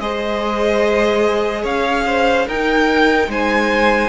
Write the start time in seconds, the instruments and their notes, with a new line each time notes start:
0.00 cello G#3, viola G#4, violin C5 D#5
1.62 cello C#4, violin C#5 F5
2.06 violin C5
2.47 cello D#4, viola D#4, violin A#4 G5
3.28 cello G#3, violin C5 G#5